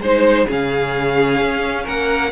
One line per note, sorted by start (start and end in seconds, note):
0.00 0.46 G#3
0.00 0.47 D#4
0.00 0.46 C5
0.00 0.48 C5
0.46 1.42 C#3
0.46 2.32 C#4
0.46 1.85 G#4
0.46 1.88 F5
1.42 1.88 C#4
1.85 2.32 A#3
1.85 2.31 A#4
1.85 2.32 F#5